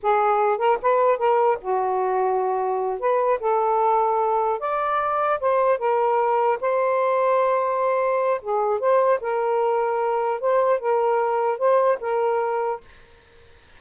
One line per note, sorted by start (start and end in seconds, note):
0.02 0.58 G#4
0.58 0.78 A#4
0.82 1.18 B4
1.18 1.58 A#4
1.61 2.99 F#4
2.99 3.39 B4
3.39 4.59 A4
4.59 5.39 D5
5.40 5.78 C5
5.78 6.58 A#4
6.60 8.40 C5
8.41 8.79 G#4
8.79 9.19 C5
9.20 10.40 A#4
10.40 10.79 C5
10.79 11.58 A#4
11.58 11.98 C5
12.00 12.80 A#4